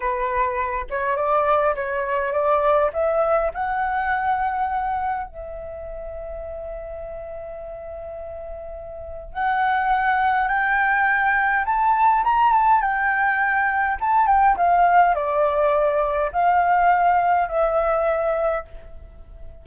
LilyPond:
\new Staff \with { instrumentName = "flute" } { \time 4/4 \tempo 4 = 103 b'4. cis''8 d''4 cis''4 | d''4 e''4 fis''2~ | fis''4 e''2.~ | e''1 |
fis''2 g''2 | a''4 ais''8 a''8 g''2 | a''8 g''8 f''4 d''2 | f''2 e''2 | }